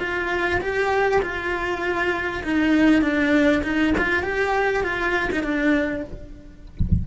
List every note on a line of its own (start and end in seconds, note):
0.00 0.61 F4
0.61 1.22 G4
1.22 2.43 F4
2.44 3.02 D#4
3.02 3.63 D4
3.64 3.94 D#4
3.98 4.23 F4
4.23 4.84 G4
4.84 5.29 F4
5.32 5.43 D#4
5.43 6.04 D4